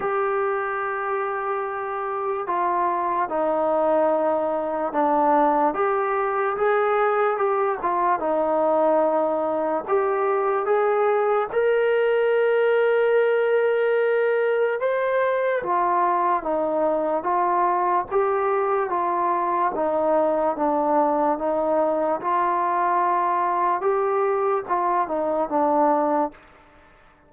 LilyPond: \new Staff \with { instrumentName = "trombone" } { \time 4/4 \tempo 4 = 73 g'2. f'4 | dis'2 d'4 g'4 | gis'4 g'8 f'8 dis'2 | g'4 gis'4 ais'2~ |
ais'2 c''4 f'4 | dis'4 f'4 g'4 f'4 | dis'4 d'4 dis'4 f'4~ | f'4 g'4 f'8 dis'8 d'4 | }